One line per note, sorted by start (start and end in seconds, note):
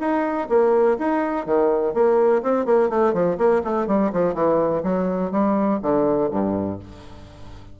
0.00 0.48 D#4
0.49 0.98 A#3
0.99 1.46 D#4
1.46 1.94 D#3
1.94 2.43 A#3
2.43 2.66 C4
2.66 2.90 A#3
2.90 3.14 A3
3.14 3.38 F3
3.38 3.62 A#3
3.65 3.88 A3
3.88 4.12 G3
4.13 4.35 F3
4.35 4.83 E3
4.83 5.32 F#3
5.32 5.80 G3
5.82 6.31 D3
6.31 6.80 G2